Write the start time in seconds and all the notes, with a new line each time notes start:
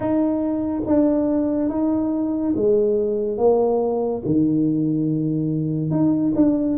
0.00 D#4
0.86 D4
1.69 D#4
2.55 G#3
3.37 A#3
4.25 D#3
5.90 D#4
6.35 D4